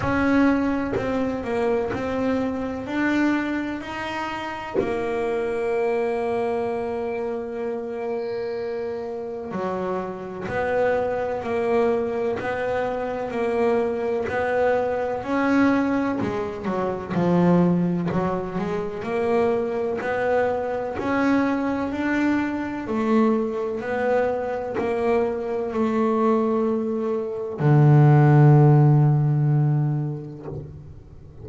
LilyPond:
\new Staff \with { instrumentName = "double bass" } { \time 4/4 \tempo 4 = 63 cis'4 c'8 ais8 c'4 d'4 | dis'4 ais2.~ | ais2 fis4 b4 | ais4 b4 ais4 b4 |
cis'4 gis8 fis8 f4 fis8 gis8 | ais4 b4 cis'4 d'4 | a4 b4 ais4 a4~ | a4 d2. | }